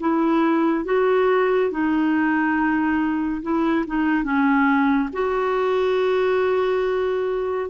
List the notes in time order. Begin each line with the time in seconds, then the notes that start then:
0.00 E4
0.85 F#4
1.71 D#4
3.42 E4
3.86 D#4
4.24 C#4
5.13 F#4